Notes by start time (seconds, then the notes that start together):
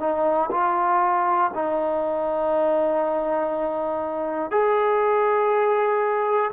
0.00 D#4
0.51 F4
1.54 D#4
4.51 G#4